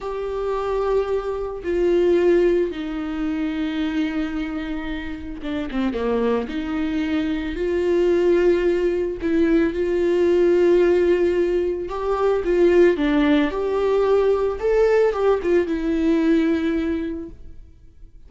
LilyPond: \new Staff \with { instrumentName = "viola" } { \time 4/4 \tempo 4 = 111 g'2. f'4~ | f'4 dis'2.~ | dis'2 d'8 c'8 ais4 | dis'2 f'2~ |
f'4 e'4 f'2~ | f'2 g'4 f'4 | d'4 g'2 a'4 | g'8 f'8 e'2. | }